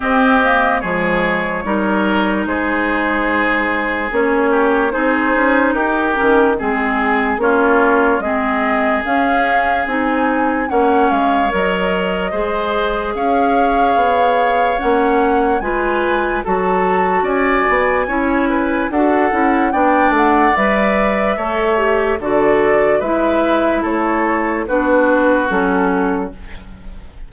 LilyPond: <<
  \new Staff \with { instrumentName = "flute" } { \time 4/4 \tempo 4 = 73 dis''4 cis''2 c''4~ | c''4 cis''4 c''4 ais'4 | gis'4 cis''4 dis''4 f''4 | gis''4 fis''8 f''8 dis''2 |
f''2 fis''4 gis''4 | a''4 gis''2 fis''4 | g''8 fis''8 e''2 d''4 | e''4 cis''4 b'4 a'4 | }
  \new Staff \with { instrumentName = "oboe" } { \time 4/4 g'4 gis'4 ais'4 gis'4~ | gis'4. g'8 gis'4 g'4 | gis'4 f'4 gis'2~ | gis'4 cis''2 c''4 |
cis''2. b'4 | a'4 d''4 cis''8 b'8 a'4 | d''2 cis''4 a'4 | b'4 a'4 fis'2 | }
  \new Staff \with { instrumentName = "clarinet" } { \time 4/4 c'8 ais8 gis4 dis'2~ | dis'4 cis'4 dis'4. cis'8 | c'4 cis'4 c'4 cis'4 | dis'4 cis'4 ais'4 gis'4~ |
gis'2 cis'4 f'4 | fis'2 e'4 fis'8 e'8 | d'4 b'4 a'8 g'8 fis'4 | e'2 d'4 cis'4 | }
  \new Staff \with { instrumentName = "bassoon" } { \time 4/4 c'4 f4 g4 gis4~ | gis4 ais4 c'8 cis'8 dis'8 dis8 | gis4 ais4 gis4 cis'4 | c'4 ais8 gis8 fis4 gis4 |
cis'4 b4 ais4 gis4 | fis4 cis'8 b8 cis'4 d'8 cis'8 | b8 a8 g4 a4 d4 | gis4 a4 b4 fis4 | }
>>